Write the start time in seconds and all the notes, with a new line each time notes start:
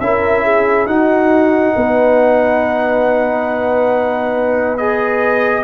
0.00 C#4 E4 A#4 E5
0.44 G#4
0.86 D#4 F#4 F#5
1.75 B3 B4
4.77 G#4 D#5